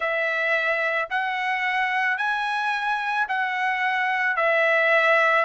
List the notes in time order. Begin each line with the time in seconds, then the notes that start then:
0.00 E5
1.10 F#5
2.17 G#5
3.28 F#5
4.36 E5